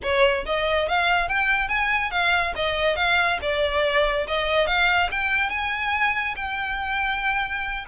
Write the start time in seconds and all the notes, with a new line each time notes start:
0.02 C#5
0.45 D#5
0.88 F5
1.28 G5
1.68 G#5
2.10 F5
2.55 D#5
2.96 F5
3.41 D5
4.27 D#5
4.66 F5
5.11 G5
5.49 G#5
6.36 G5